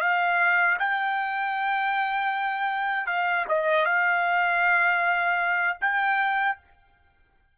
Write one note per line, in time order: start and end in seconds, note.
0.00 0.77 F5
0.79 3.06 G5
3.06 3.45 F5
3.48 3.85 D#5
3.85 5.77 F5
5.80 6.57 G5